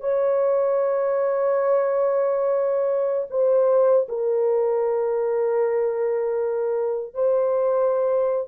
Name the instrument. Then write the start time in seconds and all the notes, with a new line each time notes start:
horn
0.00 C#5
3.30 C5
4.08 A#4
7.14 C5